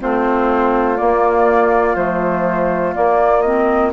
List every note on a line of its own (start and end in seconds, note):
0.00 1.00 A3
0.00 0.97 C4
0.00 3.93 F4
0.00 0.97 C5
0.97 1.95 A#3
0.97 1.96 A#3
0.97 1.95 D5
1.95 2.94 F3
1.95 2.95 A3
1.95 2.94 C5
2.95 3.44 A#3
2.95 3.93 A#3
2.95 3.41 D5
3.41 3.93 C4
3.41 3.90 D#5